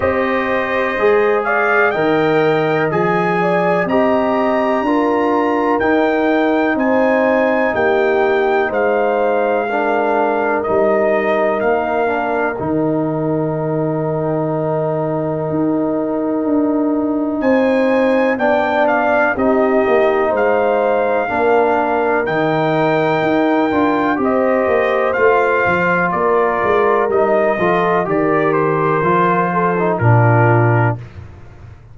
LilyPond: <<
  \new Staff \with { instrumentName = "trumpet" } { \time 4/4 \tempo 4 = 62 dis''4. f''8 g''4 gis''4 | ais''2 g''4 gis''4 | g''4 f''2 dis''4 | f''4 g''2.~ |
g''2 gis''4 g''8 f''8 | dis''4 f''2 g''4~ | g''4 dis''4 f''4 d''4 | dis''4 d''8 c''4. ais'4 | }
  \new Staff \with { instrumentName = "horn" } { \time 4/4 c''4. d''8 dis''4. d''8 | dis''4 ais'2 c''4 | g'4 c''4 ais'2~ | ais'1~ |
ais'2 c''4 d''4 | g'4 c''4 ais'2~ | ais'4 c''2 ais'4~ | ais'8 a'8 ais'4. a'8 f'4 | }
  \new Staff \with { instrumentName = "trombone" } { \time 4/4 g'4 gis'4 ais'4 gis'4 | g'4 f'4 dis'2~ | dis'2 d'4 dis'4~ | dis'8 d'8 dis'2.~ |
dis'2. d'4 | dis'2 d'4 dis'4~ | dis'8 f'8 g'4 f'2 | dis'8 f'8 g'4 f'8. dis'16 d'4 | }
  \new Staff \with { instrumentName = "tuba" } { \time 4/4 c'4 gis4 dis4 f4 | c'4 d'4 dis'4 c'4 | ais4 gis2 g4 | ais4 dis2. |
dis'4 d'4 c'4 b4 | c'8 ais8 gis4 ais4 dis4 | dis'8 d'8 c'8 ais8 a8 f8 ais8 gis8 | g8 f8 dis4 f4 ais,4 | }
>>